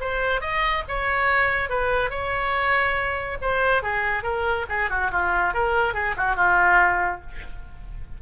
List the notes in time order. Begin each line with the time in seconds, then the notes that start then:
0.00 C5
0.41 D#5
0.88 C#5
1.69 B4
2.10 C#5
3.41 C5
3.83 G#4
4.23 A#4
4.69 G#4
4.90 F#4
5.11 F4
5.54 A#4
5.94 G#4
6.17 F#4
6.36 F4